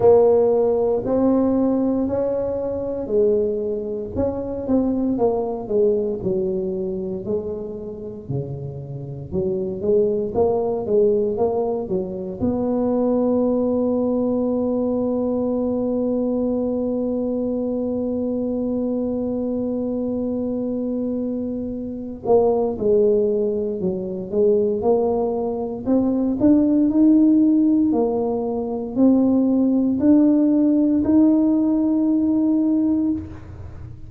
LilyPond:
\new Staff \with { instrumentName = "tuba" } { \time 4/4 \tempo 4 = 58 ais4 c'4 cis'4 gis4 | cis'8 c'8 ais8 gis8 fis4 gis4 | cis4 fis8 gis8 ais8 gis8 ais8 fis8 | b1~ |
b1~ | b4. ais8 gis4 fis8 gis8 | ais4 c'8 d'8 dis'4 ais4 | c'4 d'4 dis'2 | }